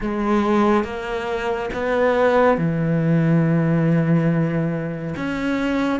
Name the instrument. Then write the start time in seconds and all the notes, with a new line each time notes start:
cello
0.00 G#3
0.84 A#3
1.73 B3
2.57 E3
5.16 C#4